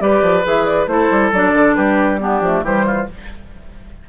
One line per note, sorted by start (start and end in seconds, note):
0.00 0.22 G3
0.00 0.44 G4
0.00 0.91 B4
0.00 0.45 D5
0.22 0.44 F3
0.44 0.87 E3
0.44 0.88 G#4
0.44 0.65 E5
0.65 0.87 D5
0.87 1.09 A3
0.87 1.32 E4
0.87 1.76 A4
0.87 1.31 C5
1.10 1.32 G3
1.32 1.53 F#3
1.32 2.20 D4
1.32 1.75 D5
1.53 1.75 D3
1.75 2.41 G3
1.75 2.20 G4
1.75 2.19 B4
2.20 2.42 B3
2.20 2.65 D4
2.20 2.65 G4
2.41 2.63 F3
2.41 2.65 A3
2.63 3.06 E3
2.63 3.09 G3
2.63 2.86 G4
2.63 3.09 C5
2.86 3.08 F4